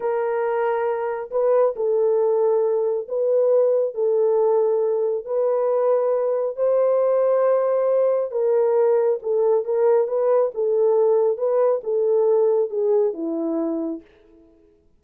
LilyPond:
\new Staff \with { instrumentName = "horn" } { \time 4/4 \tempo 4 = 137 ais'2. b'4 | a'2. b'4~ | b'4 a'2. | b'2. c''4~ |
c''2. ais'4~ | ais'4 a'4 ais'4 b'4 | a'2 b'4 a'4~ | a'4 gis'4 e'2 | }